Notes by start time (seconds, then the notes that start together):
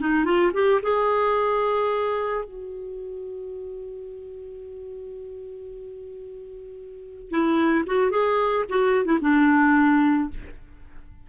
0.00 D#4
0.25 F4
0.54 G4
0.83 G#4
2.45 F#4
7.30 E4
7.87 F#4
8.11 G#4
8.70 F#4
9.05 E4
9.21 D4